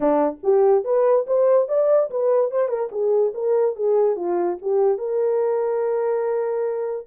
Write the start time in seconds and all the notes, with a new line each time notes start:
0.00 D4
0.43 G4
0.84 B4
1.26 C5
1.68 D5
2.10 B4
2.51 C5
2.68 A#4
2.91 G#4
3.34 A#4
3.75 G#4
4.16 F4
4.61 G4
4.98 A#4